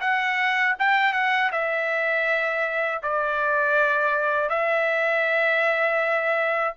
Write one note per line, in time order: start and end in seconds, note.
0.00 0.75 F#5
0.78 1.13 G5
1.13 1.50 F#5
1.51 3.01 E5
3.02 4.49 D5
4.49 6.74 E5